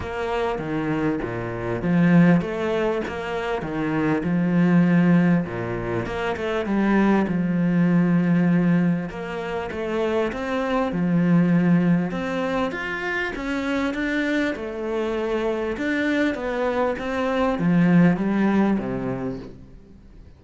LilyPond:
\new Staff \with { instrumentName = "cello" } { \time 4/4 \tempo 4 = 99 ais4 dis4 ais,4 f4 | a4 ais4 dis4 f4~ | f4 ais,4 ais8 a8 g4 | f2. ais4 |
a4 c'4 f2 | c'4 f'4 cis'4 d'4 | a2 d'4 b4 | c'4 f4 g4 c4 | }